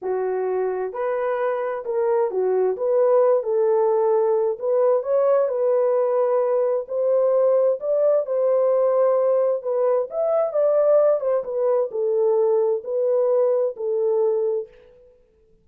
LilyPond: \new Staff \with { instrumentName = "horn" } { \time 4/4 \tempo 4 = 131 fis'2 b'2 | ais'4 fis'4 b'4. a'8~ | a'2 b'4 cis''4 | b'2. c''4~ |
c''4 d''4 c''2~ | c''4 b'4 e''4 d''4~ | d''8 c''8 b'4 a'2 | b'2 a'2 | }